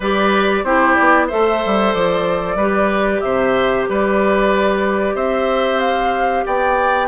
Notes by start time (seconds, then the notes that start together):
0.00 G3 G4 B4 D5
0.63 C4 E4 G4 C5
0.94 B3 D5
1.27 A3 A4 C5 E5
1.65 G3
1.93 F3 D5
2.55 G3 G4 B4
3.20 C3 C5 E5
3.88 G3 B4 D5
5.14 C4 C5 E5
5.80 F5
6.45 B3 D5 G5